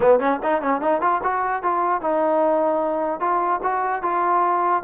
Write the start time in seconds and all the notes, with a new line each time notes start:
0.00 B3
0.19 C#4
0.42 D#4
0.61 C#4
0.81 D#4
1.01 F4
1.23 F#4
1.62 F4
2.01 D#4
3.20 F4
3.62 F#4
4.02 F4